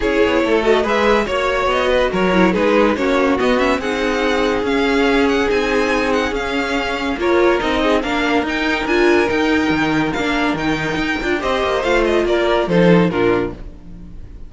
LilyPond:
<<
  \new Staff \with { instrumentName = "violin" } { \time 4/4 \tempo 4 = 142 cis''4. dis''8 e''4 cis''4 | dis''4 cis''4 b'4 cis''4 | dis''8 e''8 fis''2 f''4~ | f''8 fis''8 gis''4. fis''8 f''4~ |
f''4 cis''4 dis''4 f''4 | g''4 gis''4 g''2 | f''4 g''2 dis''4 | f''8 dis''8 d''4 c''4 ais'4 | }
  \new Staff \with { instrumentName = "violin" } { \time 4/4 gis'4 a'4 b'4 cis''4~ | cis''8 b'8 ais'4 gis'4 fis'4~ | fis'4 gis'2.~ | gis'1~ |
gis'4 ais'4. gis'8 ais'4~ | ais'1~ | ais'2. c''4~ | c''4 ais'4 a'4 f'4 | }
  \new Staff \with { instrumentName = "viola" } { \time 4/4 e'4. fis'8 gis'4 fis'4~ | fis'4. e'8 dis'4 cis'4 | b8 cis'8 dis'2 cis'4~ | cis'4 dis'2 cis'4~ |
cis'4 f'4 dis'4 d'4 | dis'4 f'4 dis'2 | d'4 dis'4. f'8 g'4 | f'2 dis'4 d'4 | }
  \new Staff \with { instrumentName = "cello" } { \time 4/4 cis'8 b8 a4 gis4 ais4 | b4 fis4 gis4 ais4 | b4 c'2 cis'4~ | cis'4 c'2 cis'4~ |
cis'4 ais4 c'4 ais4 | dis'4 d'4 dis'4 dis4 | ais4 dis4 dis'8 d'8 c'8 ais8 | a4 ais4 f4 ais,4 | }
>>